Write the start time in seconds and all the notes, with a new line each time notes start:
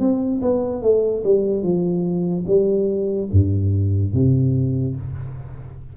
0.00 C4
0.42 B3
0.82 A3
1.24 G3
1.63 F3
2.47 G3
3.32 G2
4.14 C3